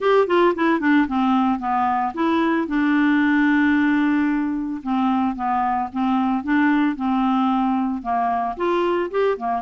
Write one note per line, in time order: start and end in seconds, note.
0.00 0.27 G4
0.27 0.54 F4
0.55 0.80 E4
0.80 1.07 D4
1.07 1.59 C4
1.59 2.12 B3
2.14 2.67 E4
2.67 4.81 D4
4.83 5.35 C4
5.35 5.89 B3
5.92 6.43 C4
6.43 6.95 D4
6.95 8.02 C4
8.02 8.56 A#3
8.56 9.10 F4
9.10 9.37 G4
9.37 9.61 A#3